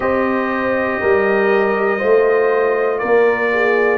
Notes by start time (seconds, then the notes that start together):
0.00 C4 G4 C5 D#5
1.00 G3 A#4
1.98 A3 F4 C5
2.98 A#3 A#4 D5
3.53 G#4